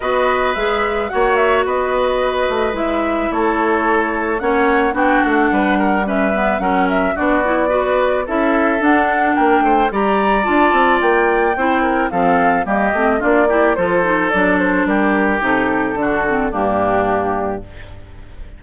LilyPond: <<
  \new Staff \with { instrumentName = "flute" } { \time 4/4 \tempo 4 = 109 dis''4 e''4 fis''8 e''8 dis''4~ | dis''4 e''4 cis''2 | fis''4 g''8 fis''4. e''4 | fis''8 e''8 d''2 e''4 |
fis''4 g''4 ais''4 a''4 | g''2 f''4 dis''4 | d''4 c''4 d''8 c''8 ais'4 | a'2 g'2 | }
  \new Staff \with { instrumentName = "oboe" } { \time 4/4 b'2 cis''4 b'4~ | b'2 a'2 | cis''4 fis'4 b'8 ais'8 b'4 | ais'4 fis'4 b'4 a'4~ |
a'4 ais'8 c''8 d''2~ | d''4 c''8 ais'8 a'4 g'4 | f'8 g'8 a'2 g'4~ | g'4 fis'4 d'2 | }
  \new Staff \with { instrumentName = "clarinet" } { \time 4/4 fis'4 gis'4 fis'2~ | fis'4 e'2. | cis'4 d'2 cis'8 b8 | cis'4 d'8 e'8 fis'4 e'4 |
d'2 g'4 f'4~ | f'4 e'4 c'4 ais8 c'8 | d'8 e'8 f'8 dis'8 d'2 | dis'4 d'8 c'8 ais2 | }
  \new Staff \with { instrumentName = "bassoon" } { \time 4/4 b4 gis4 ais4 b4~ | b8 a8 gis4 a2 | ais4 b8 a8 g2 | fis4 b2 cis'4 |
d'4 ais8 a8 g4 d'8 c'8 | ais4 c'4 f4 g8 a8 | ais4 f4 fis4 g4 | c4 d4 g,2 | }
>>